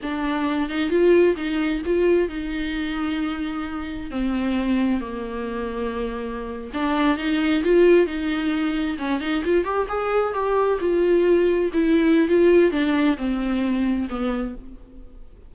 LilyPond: \new Staff \with { instrumentName = "viola" } { \time 4/4 \tempo 4 = 132 d'4. dis'8 f'4 dis'4 | f'4 dis'2.~ | dis'4 c'2 ais4~ | ais2~ ais8. d'4 dis'16~ |
dis'8. f'4 dis'2 cis'16~ | cis'16 dis'8 f'8 g'8 gis'4 g'4 f'16~ | f'4.~ f'16 e'4~ e'16 f'4 | d'4 c'2 b4 | }